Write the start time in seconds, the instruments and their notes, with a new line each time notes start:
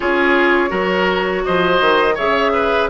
0.00 bassoon C#4, clarinet F4, oboe G#4, flute C#5
0.68 bassoon F#3, clarinet F#4, oboe A#4
1.44 bassoon F3, oboe C5, flute D#5
1.81 bassoon D#3
2.14 bassoon C#3, clarinet G#4, oboe C#5, flute E5
2.53 oboe B4